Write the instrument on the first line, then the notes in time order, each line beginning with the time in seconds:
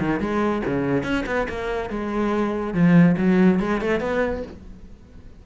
cello
0.00 D#3
0.20 G#3
0.66 C#3
1.04 C#4
1.27 B3
1.49 A#3
1.91 G#3
2.74 F3
3.18 F#3
3.60 G#3
3.82 A3
4.01 B3